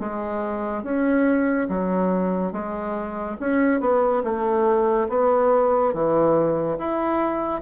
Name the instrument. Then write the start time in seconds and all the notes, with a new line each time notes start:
bassoon
0.00 G#3
0.83 C#4
1.69 F#3
2.53 G#3
3.40 C#4
3.81 B3
4.24 A3
5.09 B3
5.94 E3
6.79 E4